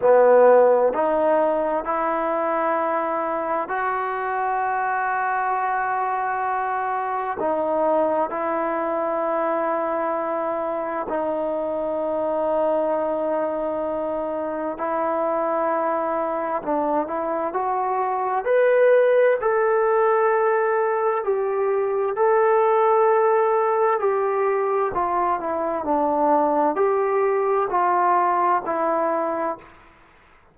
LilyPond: \new Staff \with { instrumentName = "trombone" } { \time 4/4 \tempo 4 = 65 b4 dis'4 e'2 | fis'1 | dis'4 e'2. | dis'1 |
e'2 d'8 e'8 fis'4 | b'4 a'2 g'4 | a'2 g'4 f'8 e'8 | d'4 g'4 f'4 e'4 | }